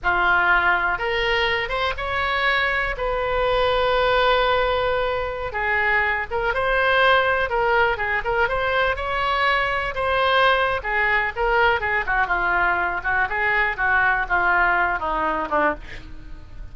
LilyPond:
\new Staff \with { instrumentName = "oboe" } { \time 4/4 \tempo 4 = 122 f'2 ais'4. c''8 | cis''2 b'2~ | b'2.~ b'16 gis'8.~ | gis'8. ais'8 c''2 ais'8.~ |
ais'16 gis'8 ais'8 c''4 cis''4.~ cis''16~ | cis''16 c''4.~ c''16 gis'4 ais'4 | gis'8 fis'8 f'4. fis'8 gis'4 | fis'4 f'4. dis'4 d'8 | }